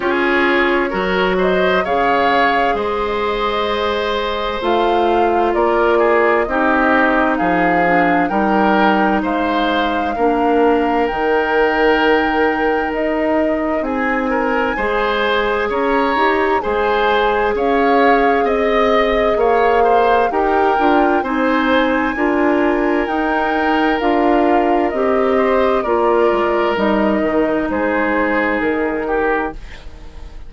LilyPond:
<<
  \new Staff \with { instrumentName = "flute" } { \time 4/4 \tempo 4 = 65 cis''4. dis''8 f''4 dis''4~ | dis''4 f''4 d''4 dis''4 | f''4 g''4 f''2 | g''2 dis''4 gis''4~ |
gis''4 ais''4 gis''4 f''4 | dis''4 f''4 g''4 gis''4~ | gis''4 g''4 f''4 dis''4 | d''4 dis''4 c''4 ais'4 | }
  \new Staff \with { instrumentName = "oboe" } { \time 4/4 gis'4 ais'8 c''8 cis''4 c''4~ | c''2 ais'8 gis'8 g'4 | gis'4 ais'4 c''4 ais'4~ | ais'2. gis'8 ais'8 |
c''4 cis''4 c''4 cis''4 | dis''4 cis''8 c''8 ais'4 c''4 | ais'2.~ ais'8 c''8 | ais'2 gis'4. g'8 | }
  \new Staff \with { instrumentName = "clarinet" } { \time 4/4 f'4 fis'4 gis'2~ | gis'4 f'2 dis'4~ | dis'8 d'8 dis'2 d'4 | dis'1 |
gis'4. g'8 gis'2~ | gis'2 g'8 f'8 dis'4 | f'4 dis'4 f'4 g'4 | f'4 dis'2. | }
  \new Staff \with { instrumentName = "bassoon" } { \time 4/4 cis'4 fis4 cis4 gis4~ | gis4 a4 ais4 c'4 | f4 g4 gis4 ais4 | dis2 dis'4 c'4 |
gis4 cis'8 dis'8 gis4 cis'4 | c'4 ais4 dis'8 d'8 c'4 | d'4 dis'4 d'4 c'4 | ais8 gis8 g8 dis8 gis4 dis4 | }
>>